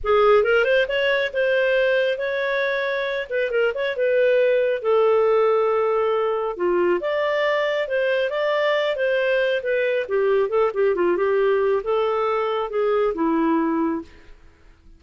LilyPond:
\new Staff \with { instrumentName = "clarinet" } { \time 4/4 \tempo 4 = 137 gis'4 ais'8 c''8 cis''4 c''4~ | c''4 cis''2~ cis''8 b'8 | ais'8 cis''8 b'2 a'4~ | a'2. f'4 |
d''2 c''4 d''4~ | d''8 c''4. b'4 g'4 | a'8 g'8 f'8 g'4. a'4~ | a'4 gis'4 e'2 | }